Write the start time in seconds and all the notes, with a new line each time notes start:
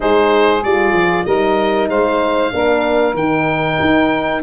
0.00 G#3 D#4 G#4 C5
0.63 G3 F4 D5
0.92 F3
1.25 G3 D#4 A#4 D#5
1.89 G#3 C5 F5
2.51 A#3 D4 A#4
3.14 D#3 D#4 G5
3.80 D#4